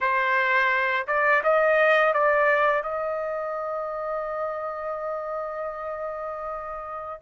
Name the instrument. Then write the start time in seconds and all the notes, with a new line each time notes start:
trumpet
0.01 C5
1.07 D5
1.43 D#5
2.13 D5
2.82 D#5